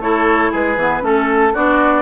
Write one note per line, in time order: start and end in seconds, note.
0.00 0.51 A3
0.00 0.77 E4
0.00 0.51 A4
0.00 0.52 C#5
0.51 0.76 G#3
0.51 1.02 G#4
0.51 1.04 B4
0.76 1.02 E3
0.76 1.01 B3
1.01 1.53 A3
1.01 1.52 C#4
1.01 1.55 A4
1.01 1.53 A4
1.53 2.02 B3
1.53 2.02 D4
1.53 2.02 F#4
1.53 2.02 D5